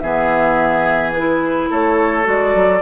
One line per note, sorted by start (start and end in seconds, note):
0.00 1.71 E3
0.00 1.15 B3
0.00 1.71 G#4
0.00 1.12 E5
1.13 2.24 E4
1.13 1.69 B4
1.71 2.27 A3
1.71 2.82 A4
1.71 2.28 C#5
2.24 2.55 G#3
2.24 2.80 F#4
2.24 2.82 D5
2.55 2.82 F#3